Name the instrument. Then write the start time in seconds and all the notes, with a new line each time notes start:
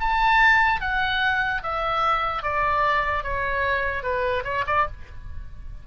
oboe
0.00 A5
0.81 F#5
1.63 E5
2.43 D5
3.24 C#5
4.03 B4
4.44 C#5
4.67 D5